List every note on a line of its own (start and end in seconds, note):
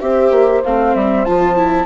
0.00 0.31 C4
0.00 0.62 G4
0.00 1.86 C5
0.00 0.62 E5
0.31 0.62 A#3
0.64 0.94 A3
0.64 1.26 C4
0.64 0.95 F5
0.94 1.25 G3
0.94 1.25 E5
1.25 1.86 F3
1.25 1.56 F4
1.25 1.86 A5
1.56 1.86 E4